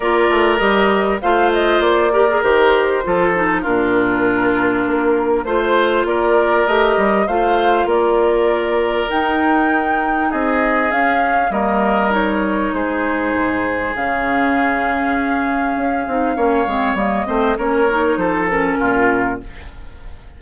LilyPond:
<<
  \new Staff \with { instrumentName = "flute" } { \time 4/4 \tempo 4 = 99 d''4 dis''4 f''8 dis''8 d''4 | c''2 ais'2~ | ais'4 c''4 d''4 dis''4 | f''4 d''2 g''4~ |
g''4 dis''4 f''4 dis''4 | cis''4 c''2 f''4~ | f''1 | dis''4 cis''4 c''8 ais'4. | }
  \new Staff \with { instrumentName = "oboe" } { \time 4/4 ais'2 c''4. ais'8~ | ais'4 a'4 f'2~ | f'4 c''4 ais'2 | c''4 ais'2.~ |
ais'4 gis'2 ais'4~ | ais'4 gis'2.~ | gis'2. cis''4~ | cis''8 c''8 ais'4 a'4 f'4 | }
  \new Staff \with { instrumentName = "clarinet" } { \time 4/4 f'4 g'4 f'4. g'16 gis'16 | g'4 f'8 dis'8 d'2~ | d'4 f'2 g'4 | f'2. dis'4~ |
dis'2 cis'4 ais4 | dis'2. cis'4~ | cis'2~ cis'8 dis'8 cis'8 c'8 | ais8 c'8 cis'8 dis'4 cis'4. | }
  \new Staff \with { instrumentName = "bassoon" } { \time 4/4 ais8 a8 g4 a4 ais4 | dis4 f4 ais,2 | ais4 a4 ais4 a8 g8 | a4 ais2 dis'4~ |
dis'4 c'4 cis'4 g4~ | g4 gis4 gis,4 cis4~ | cis2 cis'8 c'8 ais8 gis8 | g8 a8 ais4 f4 ais,4 | }
>>